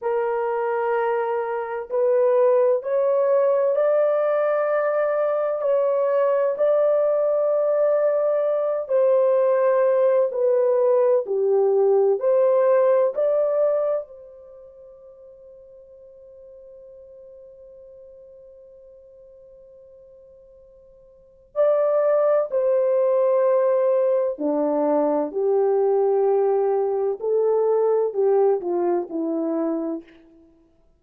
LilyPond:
\new Staff \with { instrumentName = "horn" } { \time 4/4 \tempo 4 = 64 ais'2 b'4 cis''4 | d''2 cis''4 d''4~ | d''4. c''4. b'4 | g'4 c''4 d''4 c''4~ |
c''1~ | c''2. d''4 | c''2 d'4 g'4~ | g'4 a'4 g'8 f'8 e'4 | }